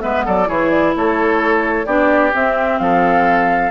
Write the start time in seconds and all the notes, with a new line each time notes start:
0.00 G#3 B3 B4 E5
0.25 F#3 A4 D5
0.46 E3 E4 G#4 C#5
0.70 D5
0.96 A3 A4 C#5
1.86 B3 D4 G4 D5
2.34 C4 E5
2.78 F3 A4 F5